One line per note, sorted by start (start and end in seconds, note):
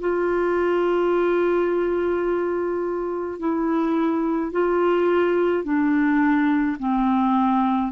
0.00 3.39 F4
3.39 4.52 E4
4.52 5.64 F4
5.64 6.77 D4
6.79 7.92 C4